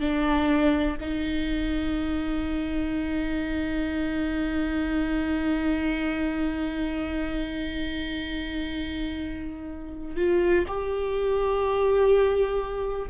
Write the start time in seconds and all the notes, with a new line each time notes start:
0.00 D4
1.00 D#4
10.16 F4
10.68 G4